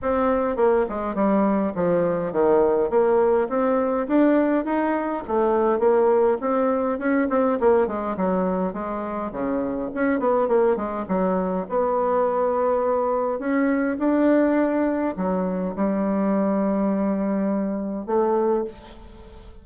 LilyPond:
\new Staff \with { instrumentName = "bassoon" } { \time 4/4 \tempo 4 = 103 c'4 ais8 gis8 g4 f4 | dis4 ais4 c'4 d'4 | dis'4 a4 ais4 c'4 | cis'8 c'8 ais8 gis8 fis4 gis4 |
cis4 cis'8 b8 ais8 gis8 fis4 | b2. cis'4 | d'2 fis4 g4~ | g2. a4 | }